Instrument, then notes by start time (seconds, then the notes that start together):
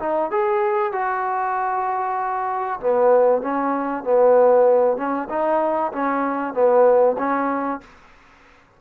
trombone
0.00 D#4
0.32 G#4
0.93 F#4
2.81 B3
3.42 C#4
4.04 B3
4.97 C#4
5.30 D#4
5.93 C#4
6.54 B3
7.19 C#4